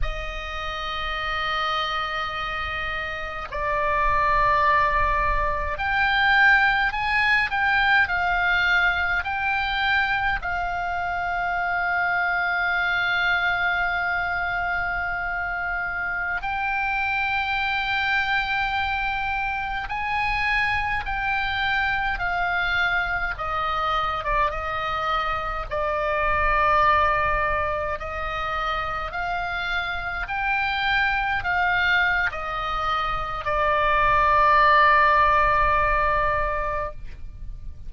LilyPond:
\new Staff \with { instrumentName = "oboe" } { \time 4/4 \tempo 4 = 52 dis''2. d''4~ | d''4 g''4 gis''8 g''8 f''4 | g''4 f''2.~ | f''2~ f''16 g''4.~ g''16~ |
g''4~ g''16 gis''4 g''4 f''8.~ | f''16 dis''8. d''16 dis''4 d''4.~ d''16~ | d''16 dis''4 f''4 g''4 f''8. | dis''4 d''2. | }